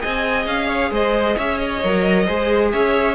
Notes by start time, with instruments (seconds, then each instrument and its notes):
0.00 cello C4, viola G#4, violin D#5 G#5
0.46 cello C#4, violin F5
0.68 violin C#5
0.91 cello G#3, violin C5 D#5
1.36 cello C#4, violin C#5 E5
1.57 violin D#5
1.84 cello F#3, viola A#4
2.25 cello G#3, viola G#4, violin C5
2.72 cello C#4, violin C#5 E5